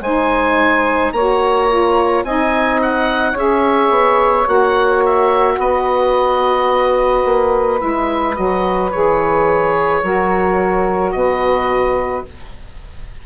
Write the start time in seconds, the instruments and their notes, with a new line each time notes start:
0.00 bassoon G#3, saxophone D#4 C5, oboe G#5
1.12 bassoon A#3, saxophone F#4 C#5, oboe A#5
1.68 saxophone F4
2.23 bassoon C4, saxophone D#4 D#5, oboe G#5
2.82 oboe F#5
3.31 bassoon C#4, saxophone G#4 C#5
3.38 oboe E5
3.89 bassoon B3
4.44 bassoon A#3, saxophone F#4, oboe F#5
5.05 oboe E5
5.57 bassoon B3, saxophone B4, oboe D#5
7.25 bassoon A#3
7.77 bassoon G#3, saxophone E4, oboe E5
8.34 bassoon F#3, saxophone F#4, oboe D#5
8.91 bassoon E3, saxophone G#4, oboe C#5
10.02 bassoon F#3, saxophone F#4 A#4
11.11 bassoon B2, saxophone B4, oboe D#5